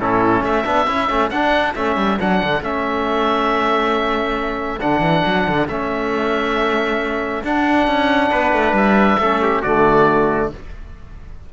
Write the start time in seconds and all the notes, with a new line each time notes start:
0.00 A2 C#4 E4 A4
0.42 A3 A4 E5
0.65 B3 D4
0.87 C#4 E4
1.09 A3 C#4
1.30 D4 F#5
1.75 A3 C#4 E5
1.97 G3
2.19 F#3 D4 F#5
2.44 D3
2.61 A3 C#4 E5
4.80 D3 D4 F#5
5.00 E3
5.26 F#3
5.48 D3
5.68 A3 C#4 E5
7.43 D4 F#5
7.87 C#4
8.31 B3 B4
8.53 A3
8.73 G3 E5
9.19 A3 C#4 A4
9.42 G4
9.61 D3 A3 F#4 D5